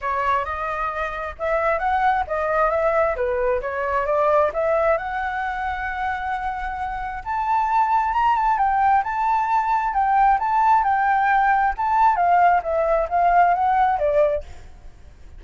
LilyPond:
\new Staff \with { instrumentName = "flute" } { \time 4/4 \tempo 4 = 133 cis''4 dis''2 e''4 | fis''4 dis''4 e''4 b'4 | cis''4 d''4 e''4 fis''4~ | fis''1 |
a''2 ais''8 a''8 g''4 | a''2 g''4 a''4 | g''2 a''4 f''4 | e''4 f''4 fis''4 d''4 | }